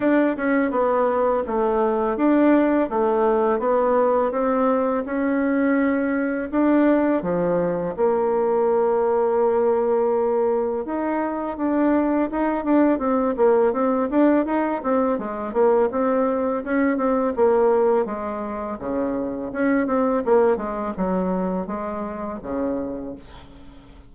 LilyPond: \new Staff \with { instrumentName = "bassoon" } { \time 4/4 \tempo 4 = 83 d'8 cis'8 b4 a4 d'4 | a4 b4 c'4 cis'4~ | cis'4 d'4 f4 ais4~ | ais2. dis'4 |
d'4 dis'8 d'8 c'8 ais8 c'8 d'8 | dis'8 c'8 gis8 ais8 c'4 cis'8 c'8 | ais4 gis4 cis4 cis'8 c'8 | ais8 gis8 fis4 gis4 cis4 | }